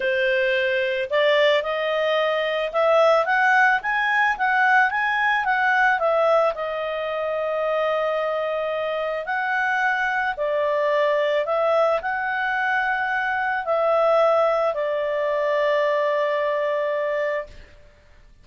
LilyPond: \new Staff \with { instrumentName = "clarinet" } { \time 4/4 \tempo 4 = 110 c''2 d''4 dis''4~ | dis''4 e''4 fis''4 gis''4 | fis''4 gis''4 fis''4 e''4 | dis''1~ |
dis''4 fis''2 d''4~ | d''4 e''4 fis''2~ | fis''4 e''2 d''4~ | d''1 | }